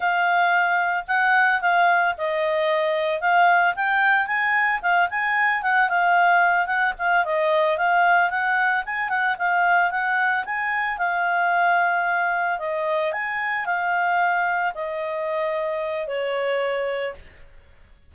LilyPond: \new Staff \with { instrumentName = "clarinet" } { \time 4/4 \tempo 4 = 112 f''2 fis''4 f''4 | dis''2 f''4 g''4 | gis''4 f''8 gis''4 fis''8 f''4~ | f''8 fis''8 f''8 dis''4 f''4 fis''8~ |
fis''8 gis''8 fis''8 f''4 fis''4 gis''8~ | gis''8 f''2. dis''8~ | dis''8 gis''4 f''2 dis''8~ | dis''2 cis''2 | }